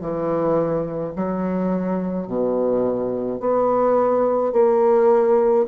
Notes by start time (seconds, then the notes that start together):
0.00 E3
1.16 F#3
2.27 B2
3.40 B3
4.52 A#3